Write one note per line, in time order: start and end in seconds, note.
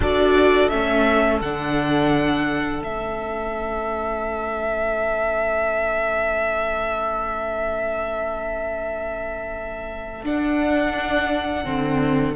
0.00 0.70 D4
0.00 0.70 F#4
0.00 12.35 A4
0.00 0.68 D5
0.68 1.41 A3
0.68 1.41 C#4
0.68 1.39 E5
1.41 2.82 D3
1.41 2.82 D4
1.41 2.82 F#5
2.82 10.23 A3
2.82 10.24 C#4
2.82 10.24 E5
10.23 11.65 D4
10.23 11.64 D4
10.23 12.35 F#5
11.64 12.35 D3
11.64 12.35 C4